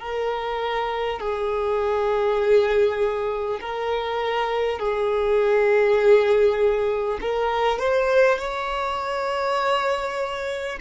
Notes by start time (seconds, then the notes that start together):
0.00 A#4
1.19 G#4
3.61 A#4
4.79 G#4
7.21 A#4
7.79 C5
8.38 C#5